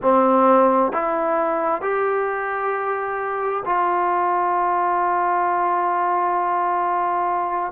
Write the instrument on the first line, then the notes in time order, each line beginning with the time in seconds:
trombone
0.02 C4
0.92 E4
1.81 G4
3.65 F4